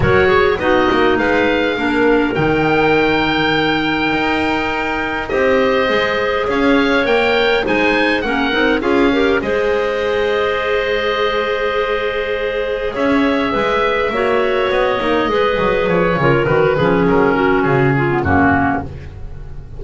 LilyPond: <<
  \new Staff \with { instrumentName = "oboe" } { \time 4/4 \tempo 4 = 102 cis''4 dis''4 f''2 | g''1~ | g''4 dis''2 f''4 | g''4 gis''4 fis''4 f''4 |
dis''1~ | dis''2 e''2~ | e''4 dis''2 cis''4 | b'4 ais'4 gis'4 fis'4 | }
  \new Staff \with { instrumentName = "clarinet" } { \time 4/4 ais'8 gis'8 fis'4 b'4 ais'4~ | ais'1~ | ais'4 c''2 cis''4~ | cis''4 c''4 ais'4 gis'8 ais'8 |
c''1~ | c''2 cis''4 b'4 | cis''2 b'4. ais'8~ | ais'8 gis'4 fis'4 f'8 cis'4 | }
  \new Staff \with { instrumentName = "clarinet" } { \time 4/4 fis'4 dis'2 d'4 | dis'1~ | dis'4 g'4 gis'2 | ais'4 dis'4 cis'8 dis'8 f'8 g'8 |
gis'1~ | gis'1 | fis'4. dis'8 gis'4. f'8 | fis'8 cis'2~ cis'16 b16 ais4 | }
  \new Staff \with { instrumentName = "double bass" } { \time 4/4 fis4 b8 ais8 gis4 ais4 | dis2. dis'4~ | dis'4 c'4 gis4 cis'4 | ais4 gis4 ais8 c'8 cis'4 |
gis1~ | gis2 cis'4 gis4 | ais4 b8 ais8 gis8 fis8 f8 cis8 | dis8 f8 fis4 cis4 fis,4 | }
>>